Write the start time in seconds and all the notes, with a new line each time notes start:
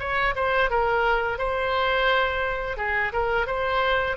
0.00 C#5
0.36 C5
0.70 A#4
1.39 C5
2.77 G#4
3.13 A#4
3.47 C5